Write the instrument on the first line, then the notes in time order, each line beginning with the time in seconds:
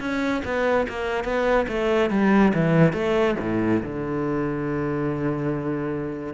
cello
0.00 C#4
0.45 B3
0.89 A#3
1.24 B3
1.68 A3
2.10 G3
2.54 E3
2.93 A3
3.40 A2
3.83 D3